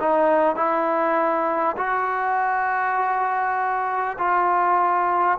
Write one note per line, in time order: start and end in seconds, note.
0.00 0.56 D#4
0.56 1.76 E4
1.77 4.17 F#4
4.18 5.38 F4